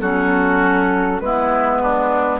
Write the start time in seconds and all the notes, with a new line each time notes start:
0.00 F#3 C#4 F#4 A4
1.20 G#3 B3 E4 B4
1.81 D4